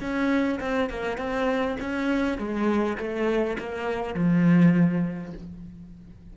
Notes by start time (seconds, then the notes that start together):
0.00 C#4
0.60 C4
0.90 A#3
1.17 C4
1.80 C#4
2.38 G#3
2.98 A3
3.59 A#3
4.14 F3